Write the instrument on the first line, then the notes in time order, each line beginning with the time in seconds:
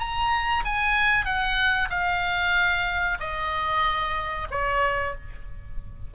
oboe
0.00 A#5
0.65 G#5
1.25 F#5
1.90 F5
3.20 D#5
4.51 C#5